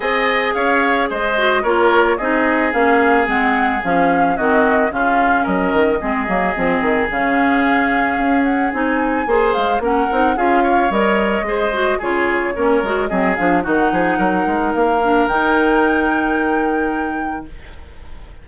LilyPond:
<<
  \new Staff \with { instrumentName = "flute" } { \time 4/4 \tempo 4 = 110 gis''4 f''4 dis''4 cis''4 | dis''4 f''4 fis''4 f''4 | dis''4 f''4 dis''2~ | dis''4 f''2~ f''8 fis''8 |
gis''4. f''8 fis''4 f''4 | dis''2 cis''2 | dis''8 f''8 fis''2 f''4 | g''1 | }
  \new Staff \with { instrumentName = "oboe" } { \time 4/4 dis''4 cis''4 c''4 ais'4 | gis'1 | fis'4 f'4 ais'4 gis'4~ | gis'1~ |
gis'4 c''4 ais'4 gis'8 cis''8~ | cis''4 c''4 gis'4 ais'4 | gis'4 fis'8 gis'8 ais'2~ | ais'1 | }
  \new Staff \with { instrumentName = "clarinet" } { \time 4/4 gis'2~ gis'8 fis'8 f'4 | dis'4 cis'4 c'4 cis'4 | c'4 cis'2 c'8 ais8 | c'4 cis'2. |
dis'4 gis'4 cis'8 dis'8 f'4 | ais'4 gis'8 fis'8 f'4 cis'8 fis'8 | c'8 d'8 dis'2~ dis'8 d'8 | dis'1 | }
  \new Staff \with { instrumentName = "bassoon" } { \time 4/4 c'4 cis'4 gis4 ais4 | c'4 ais4 gis4 f4 | dis4 cis4 fis8 dis8 gis8 fis8 | f8 dis8 cis2 cis'4 |
c'4 ais8 gis8 ais8 c'8 cis'4 | g4 gis4 cis4 ais8 gis8 | fis8 f8 dis8 f8 fis8 gis8 ais4 | dis1 | }
>>